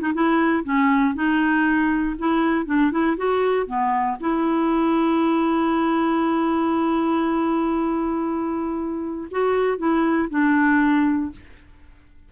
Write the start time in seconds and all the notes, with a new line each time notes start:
0.00 D#4
0.13 E4
0.64 C#4
1.14 D#4
2.18 E4
2.66 D4
2.91 E4
3.17 F#4
3.66 B3
4.20 E4
9.31 F#4
9.78 E4
10.30 D4